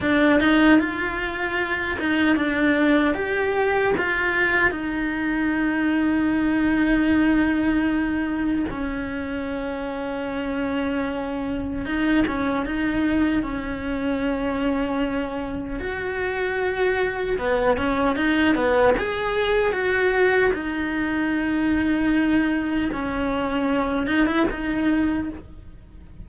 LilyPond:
\new Staff \with { instrumentName = "cello" } { \time 4/4 \tempo 4 = 76 d'8 dis'8 f'4. dis'8 d'4 | g'4 f'4 dis'2~ | dis'2. cis'4~ | cis'2. dis'8 cis'8 |
dis'4 cis'2. | fis'2 b8 cis'8 dis'8 b8 | gis'4 fis'4 dis'2~ | dis'4 cis'4. dis'16 e'16 dis'4 | }